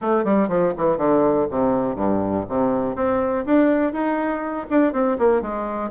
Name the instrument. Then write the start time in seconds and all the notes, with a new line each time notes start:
bassoon
0.01 A3
0.24 G3
0.48 F3
0.77 E3
0.97 D3
1.50 C3
1.95 G2
2.48 C3
2.95 C4
3.45 D4
3.92 D#4
4.70 D4
4.92 C4
5.18 A#3
5.41 G#3